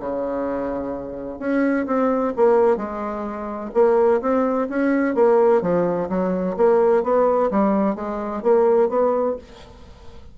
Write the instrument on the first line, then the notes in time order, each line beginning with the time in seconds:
bassoon
0.00 C#3
1.39 C#4
1.86 C4
2.37 A#3
2.77 G#3
3.74 A#3
4.21 C4
4.70 C#4
5.15 A#3
5.62 F3
6.10 F#3
6.57 A#3
7.04 B3
7.51 G3
7.96 G#3
8.43 A#3
8.89 B3